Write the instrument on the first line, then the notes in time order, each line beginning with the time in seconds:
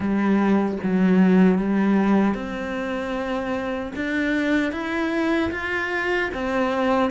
cello
0.00 G3
0.83 F#3
1.58 G3
2.34 C4
3.95 D4
4.72 E4
5.50 F4
6.34 C4